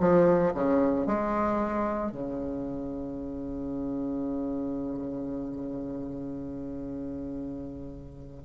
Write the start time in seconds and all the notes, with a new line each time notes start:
0.00 F3
0.54 C#3
1.06 G#3
2.11 C#3